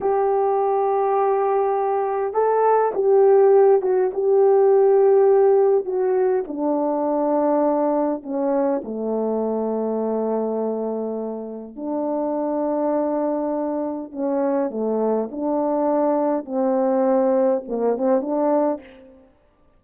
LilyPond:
\new Staff \with { instrumentName = "horn" } { \time 4/4 \tempo 4 = 102 g'1 | a'4 g'4. fis'8 g'4~ | g'2 fis'4 d'4~ | d'2 cis'4 a4~ |
a1 | d'1 | cis'4 a4 d'2 | c'2 ais8 c'8 d'4 | }